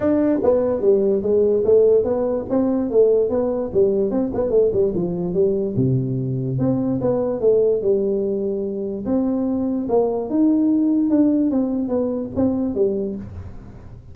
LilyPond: \new Staff \with { instrumentName = "tuba" } { \time 4/4 \tempo 4 = 146 d'4 b4 g4 gis4 | a4 b4 c'4 a4 | b4 g4 c'8 b8 a8 g8 | f4 g4 c2 |
c'4 b4 a4 g4~ | g2 c'2 | ais4 dis'2 d'4 | c'4 b4 c'4 g4 | }